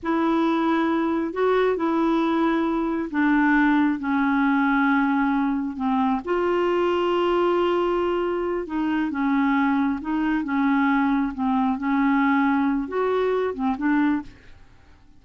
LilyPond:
\new Staff \with { instrumentName = "clarinet" } { \time 4/4 \tempo 4 = 135 e'2. fis'4 | e'2. d'4~ | d'4 cis'2.~ | cis'4 c'4 f'2~ |
f'2.~ f'8 dis'8~ | dis'8 cis'2 dis'4 cis'8~ | cis'4. c'4 cis'4.~ | cis'4 fis'4. c'8 d'4 | }